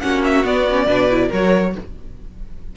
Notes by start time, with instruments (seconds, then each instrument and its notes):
0.00 cello A#3, viola C#4, violin F#4 F#5
0.24 violin E5
0.44 viola B3, cello B3, violin D5
0.69 viola C#4
0.86 cello B2, viola D4, violin B4
1.10 viola E4
1.28 cello F#3, viola F#4, violin A#4 C#5